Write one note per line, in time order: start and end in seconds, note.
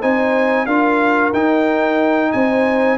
0.00 0.66 C4
0.00 0.67 D#4
0.00 0.66 C5
0.00 0.66 G#5
0.66 1.32 D4
0.66 1.34 F4
0.66 2.31 A#4
0.66 1.32 F5
1.33 2.32 D#4
1.33 2.98 D#4
1.33 2.32 G5
2.32 2.98 C4
2.32 2.98 C5
2.32 2.98 G#5